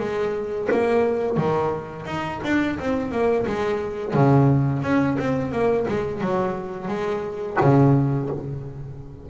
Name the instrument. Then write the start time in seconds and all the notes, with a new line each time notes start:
double bass
0.00 G#3
0.72 A#3
1.38 D#3
2.06 D#4
2.44 D4
2.80 C4
3.12 A#3
3.47 G#3
4.14 C#3
4.83 C#4
5.19 C4
5.52 A#3
5.88 G#3
6.22 F#3
6.88 G#3
7.61 C#3